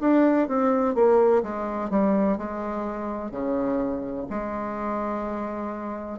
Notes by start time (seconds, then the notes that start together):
0.00 D4
0.48 C4
0.94 A#3
1.42 G#3
1.90 G3
2.37 G#3
3.31 C#3
4.30 G#3